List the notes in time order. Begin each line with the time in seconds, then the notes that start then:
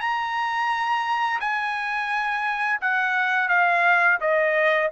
0.00 A#5
1.40 G#5
2.81 F#5
3.48 F5
4.20 D#5